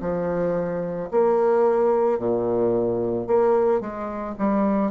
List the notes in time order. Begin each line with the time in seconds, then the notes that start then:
0.00 F3
1.11 A#3
2.18 A#2
3.27 A#3
3.80 G#3
4.38 G3